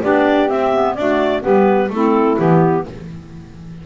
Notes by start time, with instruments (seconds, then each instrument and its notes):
0.00 double bass B3, clarinet D4 D5, saxophone G4
0.48 clarinet C4 E5, double bass C4
0.72 clarinet B3
0.94 clarinet A3 D5, double bass D4, saxophone F#4
1.41 double bass G3, clarinet B3 B4, saxophone G4
1.90 double bass A3, clarinet C4 A4, saxophone E4
2.37 double bass E3, clarinet B3 G4